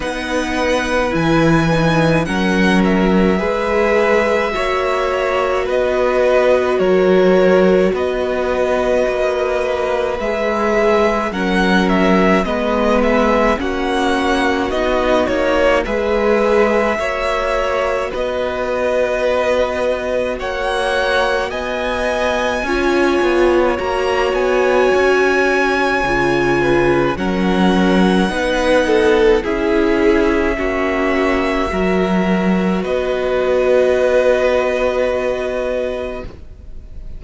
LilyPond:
<<
  \new Staff \with { instrumentName = "violin" } { \time 4/4 \tempo 4 = 53 fis''4 gis''4 fis''8 e''4.~ | e''4 dis''4 cis''4 dis''4~ | dis''4 e''4 fis''8 e''8 dis''8 e''8 | fis''4 dis''8 cis''8 e''2 |
dis''2 fis''4 gis''4~ | gis''4 ais''8 gis''2~ gis''8 | fis''2 e''2~ | e''4 dis''2. | }
  \new Staff \with { instrumentName = "violin" } { \time 4/4 b'2 ais'4 b'4 | cis''4 b'4 ais'4 b'4~ | b'2 ais'4 b'4 | fis'2 b'4 cis''4 |
b'2 cis''4 dis''4 | cis''2.~ cis''8 b'8 | ais'4 b'8 a'8 gis'4 fis'4 | ais'4 b'2. | }
  \new Staff \with { instrumentName = "viola" } { \time 4/4 dis'4 e'8 dis'8 cis'4 gis'4 | fis'1~ | fis'4 gis'4 cis'4 b4 | cis'4 dis'4 gis'4 fis'4~ |
fis'1 | f'4 fis'2 f'4 | cis'4 dis'4 e'4 cis'4 | fis'1 | }
  \new Staff \with { instrumentName = "cello" } { \time 4/4 b4 e4 fis4 gis4 | ais4 b4 fis4 b4 | ais4 gis4 fis4 gis4 | ais4 b8 ais8 gis4 ais4 |
b2 ais4 b4 | cis'8 b8 ais8 b8 cis'4 cis4 | fis4 b4 cis'4 ais4 | fis4 b2. | }
>>